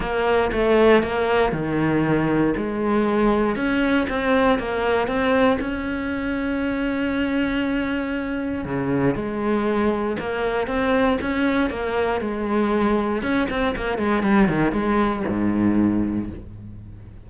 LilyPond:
\new Staff \with { instrumentName = "cello" } { \time 4/4 \tempo 4 = 118 ais4 a4 ais4 dis4~ | dis4 gis2 cis'4 | c'4 ais4 c'4 cis'4~ | cis'1~ |
cis'4 cis4 gis2 | ais4 c'4 cis'4 ais4 | gis2 cis'8 c'8 ais8 gis8 | g8 dis8 gis4 gis,2 | }